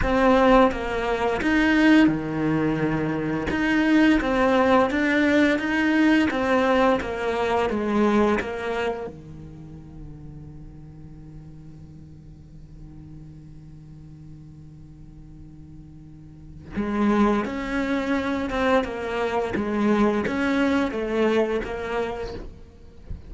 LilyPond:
\new Staff \with { instrumentName = "cello" } { \time 4/4 \tempo 4 = 86 c'4 ais4 dis'4 dis4~ | dis4 dis'4 c'4 d'4 | dis'4 c'4 ais4 gis4 | ais4 dis2.~ |
dis1~ | dis1 | gis4 cis'4. c'8 ais4 | gis4 cis'4 a4 ais4 | }